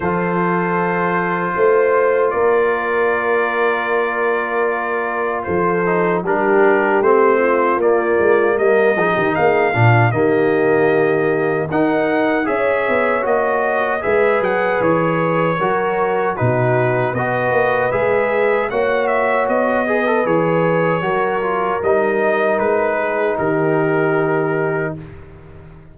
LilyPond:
<<
  \new Staff \with { instrumentName = "trumpet" } { \time 4/4 \tempo 4 = 77 c''2. d''4~ | d''2. c''4 | ais'4 c''4 d''4 dis''4 | f''4 dis''2 fis''4 |
e''4 dis''4 e''8 fis''8 cis''4~ | cis''4 b'4 dis''4 e''4 | fis''8 e''8 dis''4 cis''2 | dis''4 b'4 ais'2 | }
  \new Staff \with { instrumentName = "horn" } { \time 4/4 a'2 c''4 ais'4~ | ais'2. a'4 | g'4. f'4. ais'8 gis'16 g'16 | gis'8 f'8 g'2 ais'4 |
cis''2 b'2 | ais'4 fis'4 b'2 | cis''4. b'4. ais'4~ | ais'4. gis'8 g'2 | }
  \new Staff \with { instrumentName = "trombone" } { \time 4/4 f'1~ | f'2.~ f'8 dis'8 | d'4 c'4 ais4. dis'8~ | dis'8 d'8 ais2 dis'4 |
gis'4 fis'4 gis'2 | fis'4 dis'4 fis'4 gis'4 | fis'4. gis'16 a'16 gis'4 fis'8 f'8 | dis'1 | }
  \new Staff \with { instrumentName = "tuba" } { \time 4/4 f2 a4 ais4~ | ais2. f4 | g4 a4 ais8 gis8 g8 f16 dis16 | ais8 ais,8 dis2 dis'4 |
cis'8 b8 ais4 gis8 fis8 e4 | fis4 b,4 b8 ais8 gis4 | ais4 b4 e4 fis4 | g4 gis4 dis2 | }
>>